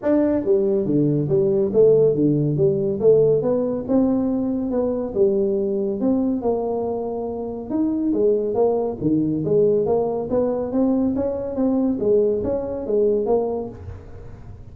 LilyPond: \new Staff \with { instrumentName = "tuba" } { \time 4/4 \tempo 4 = 140 d'4 g4 d4 g4 | a4 d4 g4 a4 | b4 c'2 b4 | g2 c'4 ais4~ |
ais2 dis'4 gis4 | ais4 dis4 gis4 ais4 | b4 c'4 cis'4 c'4 | gis4 cis'4 gis4 ais4 | }